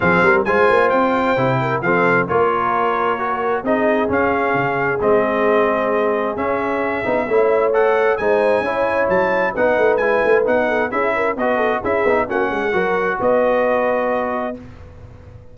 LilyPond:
<<
  \new Staff \with { instrumentName = "trumpet" } { \time 4/4 \tempo 4 = 132 f''4 gis''4 g''2 | f''4 cis''2. | dis''4 f''2 dis''4~ | dis''2 e''2~ |
e''4 fis''4 gis''2 | a''4 fis''4 gis''4 fis''4 | e''4 dis''4 e''4 fis''4~ | fis''4 dis''2. | }
  \new Staff \with { instrumentName = "horn" } { \time 4/4 gis'8 ais'8 c''2~ c''8 ais'8 | a'4 ais'2. | gis'1~ | gis'1 |
cis''2 c''4 cis''4~ | cis''4 b'2~ b'8 a'8 | gis'8 ais'8 b'8 a'8 gis'4 fis'8 gis'8 | ais'4 b'2. | }
  \new Staff \with { instrumentName = "trombone" } { \time 4/4 c'4 f'2 e'4 | c'4 f'2 fis'4 | dis'4 cis'2 c'4~ | c'2 cis'4. dis'8 |
e'4 a'4 dis'4 e'4~ | e'4 dis'4 e'4 dis'4 | e'4 fis'4 e'8 dis'8 cis'4 | fis'1 | }
  \new Staff \with { instrumentName = "tuba" } { \time 4/4 f8 g8 gis8 ais8 c'4 c4 | f4 ais2. | c'4 cis'4 cis4 gis4~ | gis2 cis'4. b8 |
a2 gis4 cis'4 | fis4 b8 a8 gis8 a8 b4 | cis'4 b4 cis'8 b8 ais8 gis8 | fis4 b2. | }
>>